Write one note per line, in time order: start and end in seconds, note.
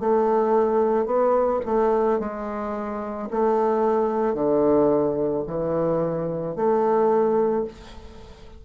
0.00 1.06 A3
1.06 1.60 B3
1.65 2.19 A3
2.19 3.28 G#3
3.30 4.34 A3
4.34 5.43 D3
5.47 6.56 E3
6.56 7.65 A3